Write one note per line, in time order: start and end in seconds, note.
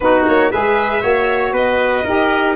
0.00 0.26 B3
0.00 0.51 D#4
0.00 0.51 F#4
0.00 0.23 B4
0.27 0.52 A#3
0.27 0.51 C#5
0.51 1.03 G#3
0.51 1.01 G#4
0.51 1.02 B4
0.51 1.54 E5
1.01 1.52 A#3
1.01 2.03 F#4
1.01 1.53 C#5
1.52 2.03 B3
1.52 2.04 B4
1.52 2.55 D#5
2.04 2.55 D#4
2.04 2.55 G4
2.04 2.55 A#4